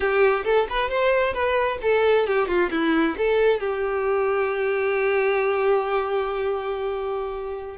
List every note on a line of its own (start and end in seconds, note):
0.00 0.44 G4
0.44 0.67 A4
0.69 0.89 B4
0.89 1.33 C5
1.33 1.78 B4
1.81 2.26 A4
2.26 2.47 G4
2.47 2.70 F4
2.70 3.16 E4
3.17 3.60 A4
3.60 7.77 G4